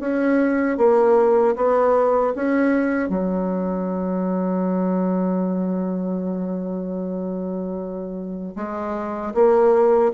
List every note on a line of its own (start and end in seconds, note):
0.00 0.78 C#4
0.78 1.56 A#3
1.56 2.34 B3
2.36 3.09 C#4
3.09 8.55 F#3
8.56 9.34 G#3
9.34 10.12 A#3